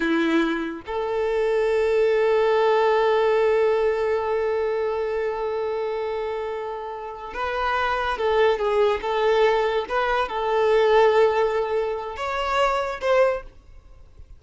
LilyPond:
\new Staff \with { instrumentName = "violin" } { \time 4/4 \tempo 4 = 143 e'2 a'2~ | a'1~ | a'1~ | a'1~ |
a'4. b'2 a'8~ | a'8 gis'4 a'2 b'8~ | b'8 a'2.~ a'8~ | a'4 cis''2 c''4 | }